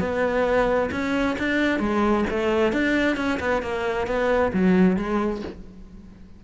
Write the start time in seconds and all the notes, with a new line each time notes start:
0.00 B3
0.91 C#4
1.39 D4
1.80 G#3
2.30 A3
2.73 D4
3.17 C#4
3.40 B3
3.63 A#3
4.07 B3
4.53 F#3
4.97 G#3